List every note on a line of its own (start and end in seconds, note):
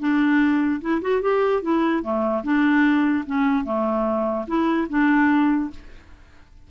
0.00 0.81 D4
0.82 1.02 E4
1.02 1.22 F#4
1.22 1.63 G4
1.63 2.03 E4
2.03 2.44 A3
2.44 3.25 D4
3.27 3.65 C#4
3.65 4.46 A3
4.47 4.88 E4
4.90 5.71 D4